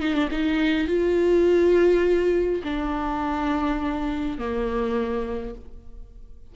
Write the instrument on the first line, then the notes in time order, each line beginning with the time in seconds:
viola
0.00 D#4
0.14 D4
0.31 D#4
0.87 F4
2.63 D4
4.38 A#3